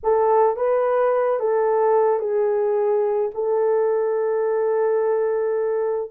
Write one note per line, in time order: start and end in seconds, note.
0.03 0.56 A4
0.56 1.39 B4
1.39 2.19 A4
2.19 3.31 G#4
3.34 6.11 A4